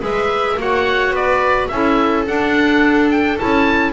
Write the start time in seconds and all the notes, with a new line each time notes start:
0.00 G#3 G#4 B4 E5
0.57 A#3 F#4 C#5 F#5
1.10 B3 B4 D5
1.67 C#4 E4 A4 E5
2.26 D4 F#5
3.10 G5
3.37 C#4 E4 A5